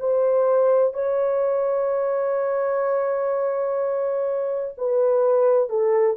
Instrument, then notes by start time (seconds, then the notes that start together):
horn
0.00 C5
0.94 C#5
4.78 B4
5.69 A4